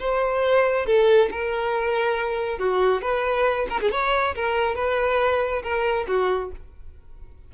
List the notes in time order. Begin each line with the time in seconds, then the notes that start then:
0.00 C5
0.86 A4
1.32 A#4
2.59 F#4
3.02 B4
3.70 A#4
3.81 G#4
3.92 C#5
4.36 A#4
4.76 B4
5.63 A#4
6.08 F#4